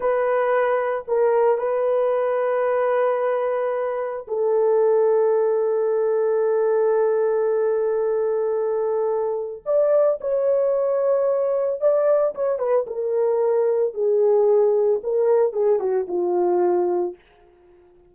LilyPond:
\new Staff \with { instrumentName = "horn" } { \time 4/4 \tempo 4 = 112 b'2 ais'4 b'4~ | b'1 | a'1~ | a'1~ |
a'2 d''4 cis''4~ | cis''2 d''4 cis''8 b'8 | ais'2 gis'2 | ais'4 gis'8 fis'8 f'2 | }